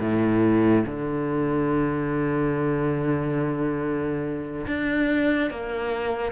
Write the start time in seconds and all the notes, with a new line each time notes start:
0.00 A2
0.86 D3
4.67 D4
5.51 A#3